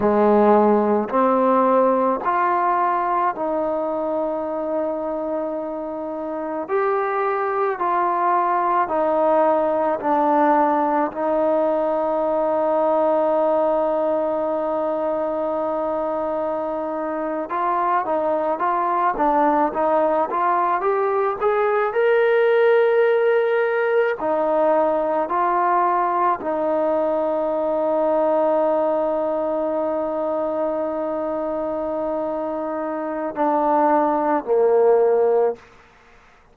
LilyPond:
\new Staff \with { instrumentName = "trombone" } { \time 4/4 \tempo 4 = 54 gis4 c'4 f'4 dis'4~ | dis'2 g'4 f'4 | dis'4 d'4 dis'2~ | dis'2.~ dis'8. f'16~ |
f'16 dis'8 f'8 d'8 dis'8 f'8 g'8 gis'8 ais'16~ | ais'4.~ ais'16 dis'4 f'4 dis'16~ | dis'1~ | dis'2 d'4 ais4 | }